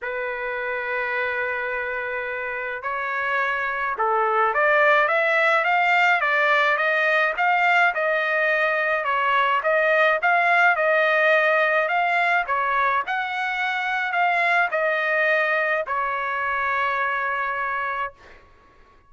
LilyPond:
\new Staff \with { instrumentName = "trumpet" } { \time 4/4 \tempo 4 = 106 b'1~ | b'4 cis''2 a'4 | d''4 e''4 f''4 d''4 | dis''4 f''4 dis''2 |
cis''4 dis''4 f''4 dis''4~ | dis''4 f''4 cis''4 fis''4~ | fis''4 f''4 dis''2 | cis''1 | }